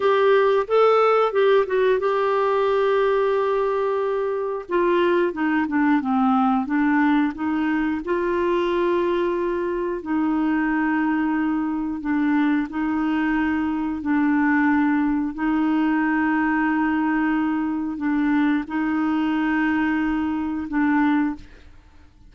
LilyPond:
\new Staff \with { instrumentName = "clarinet" } { \time 4/4 \tempo 4 = 90 g'4 a'4 g'8 fis'8 g'4~ | g'2. f'4 | dis'8 d'8 c'4 d'4 dis'4 | f'2. dis'4~ |
dis'2 d'4 dis'4~ | dis'4 d'2 dis'4~ | dis'2. d'4 | dis'2. d'4 | }